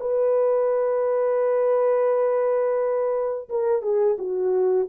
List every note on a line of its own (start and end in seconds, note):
0.00 3.49 B4
3.49 3.82 A#4
3.82 4.17 G#4
4.18 4.88 F#4